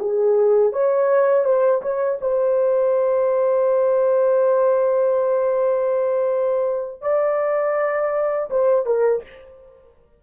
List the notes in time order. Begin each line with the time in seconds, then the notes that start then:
0.00 G#4
0.73 C#5
1.45 C5
1.82 C#5
2.21 C5
7.02 D5
8.51 C5
8.87 A#4